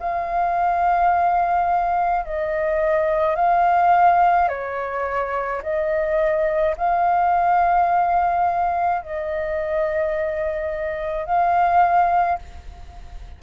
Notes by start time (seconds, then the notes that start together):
0.00 F5
2.25 D#5
3.36 F5
4.49 C#5
5.62 D#5
6.78 F5
9.02 D#5
11.26 F5